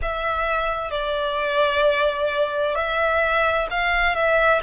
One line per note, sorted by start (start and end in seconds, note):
0.02 0.90 E5
0.90 2.75 D5
2.75 3.67 E5
3.70 4.15 F5
4.15 4.61 E5